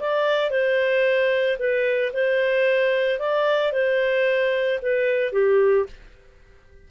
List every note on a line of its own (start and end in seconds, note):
0.00 0.51 D5
0.51 1.58 C5
1.59 2.13 B4
2.13 3.19 C5
3.19 3.72 D5
3.72 4.79 C5
4.82 5.33 B4
5.33 5.86 G4